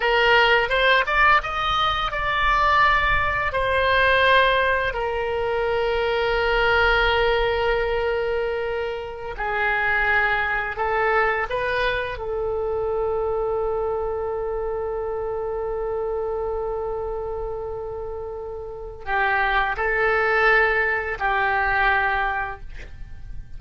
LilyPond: \new Staff \with { instrumentName = "oboe" } { \time 4/4 \tempo 4 = 85 ais'4 c''8 d''8 dis''4 d''4~ | d''4 c''2 ais'4~ | ais'1~ | ais'4~ ais'16 gis'2 a'8.~ |
a'16 b'4 a'2~ a'8.~ | a'1~ | a'2. g'4 | a'2 g'2 | }